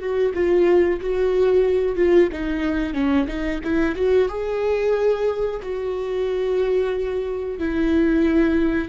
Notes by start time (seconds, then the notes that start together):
0.00 F#4
0.34 F4
1.01 F#4
1.97 F4
2.32 D#4
2.94 C#4
3.28 D#4
3.64 E4
3.96 F#4
4.29 G#4
5.63 F#4
7.59 E4